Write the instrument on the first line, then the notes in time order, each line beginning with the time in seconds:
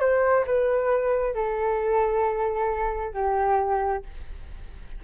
flute
0.00 C5
0.46 B4
1.34 A4
3.13 G4